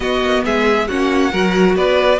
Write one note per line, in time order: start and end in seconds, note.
0.00 0.21 B3
0.00 0.87 B3
0.00 0.44 F#4
0.00 0.43 D#5
0.21 0.43 A#3
0.44 0.89 G#3
0.44 0.88 G#4
0.44 0.87 E5
0.87 1.32 A#3
0.87 1.31 C#4
0.87 1.31 F#4
0.87 1.75 F#5
1.31 1.75 F#3
1.31 2.19 F#4
1.31 1.75 A#4
1.75 2.19 B3
1.75 2.19 B4
1.75 2.19 D5